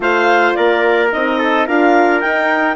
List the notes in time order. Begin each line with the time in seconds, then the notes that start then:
0.00 A3 F4 C5 F5
0.53 A#3 A#4 D5
1.12 C4 D#4 D#5
1.38 A4
1.66 D4 F4 A#4 F5
2.20 D#4 G5